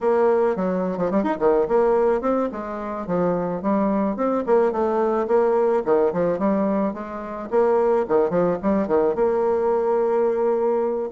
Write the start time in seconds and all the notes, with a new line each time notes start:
0.00 A#3
0.56 F#3
0.97 F3
1.10 G3
1.23 D#4
1.39 D#3
1.67 A#3
2.21 C4
2.52 G#3
3.07 F3
3.62 G3
4.16 C4
4.46 A#3
4.71 A3
5.27 A#3
5.85 D#3
6.13 F3
6.38 G3
6.93 G#3
7.50 A#3
8.08 D#3
8.30 F3
8.62 G3
8.87 D#3
9.15 A#3